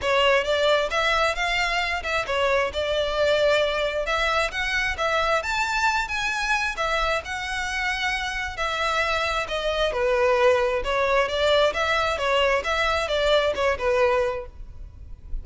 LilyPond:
\new Staff \with { instrumentName = "violin" } { \time 4/4 \tempo 4 = 133 cis''4 d''4 e''4 f''4~ | f''8 e''8 cis''4 d''2~ | d''4 e''4 fis''4 e''4 | a''4. gis''4. e''4 |
fis''2. e''4~ | e''4 dis''4 b'2 | cis''4 d''4 e''4 cis''4 | e''4 d''4 cis''8 b'4. | }